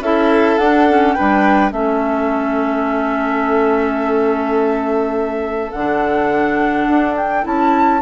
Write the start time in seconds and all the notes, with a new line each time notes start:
0.00 C#4 E4 A4 E5
0.58 D4 F#5
0.89 C#4
1.13 D4 B4 G5
1.20 G3
1.71 A3 C#4 A4 E5
5.71 D3 D4 F#5
6.87 D4
7.17 G5
7.42 C#4 E4 A5